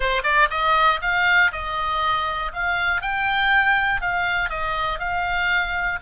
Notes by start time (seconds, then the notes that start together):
0.00 C5
0.23 D5
0.50 D#5
1.01 F5
1.52 D#5
2.53 F5
3.01 G5
4.01 F5
4.49 D#5
4.99 F5